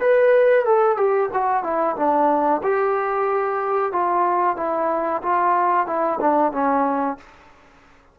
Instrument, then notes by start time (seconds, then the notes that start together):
trombone
0.00 B4
0.65 A4
0.97 G4
1.33 F#4
1.63 E4
1.96 D4
2.63 G4
3.92 F4
4.56 E4
5.22 F4
5.86 E4
6.20 D4
6.52 C#4